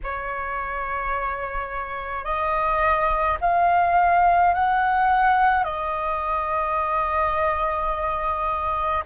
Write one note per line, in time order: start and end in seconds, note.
0.03 2.24 C#5
2.24 3.37 D#5
3.40 4.53 F5
4.53 5.63 F#5
5.63 9.03 D#5